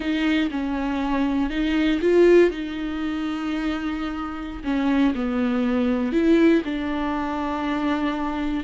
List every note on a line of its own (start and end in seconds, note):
0.00 0.49 D#4
0.50 1.50 C#4
1.50 2.00 D#4
2.01 2.50 F4
2.50 4.62 D#4
4.63 5.13 C#4
5.14 6.12 B3
6.12 6.62 E4
6.64 8.64 D4